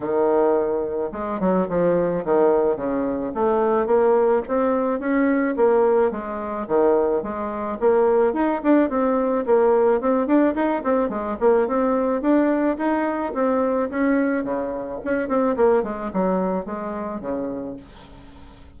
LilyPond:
\new Staff \with { instrumentName = "bassoon" } { \time 4/4 \tempo 4 = 108 dis2 gis8 fis8 f4 | dis4 cis4 a4 ais4 | c'4 cis'4 ais4 gis4 | dis4 gis4 ais4 dis'8 d'8 |
c'4 ais4 c'8 d'8 dis'8 c'8 | gis8 ais8 c'4 d'4 dis'4 | c'4 cis'4 cis4 cis'8 c'8 | ais8 gis8 fis4 gis4 cis4 | }